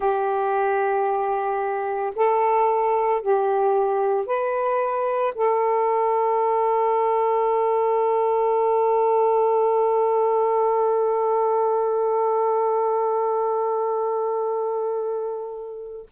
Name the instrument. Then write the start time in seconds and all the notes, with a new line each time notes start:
saxophone
0.00 G4
2.15 A4
3.21 G4
4.26 B4
5.35 A4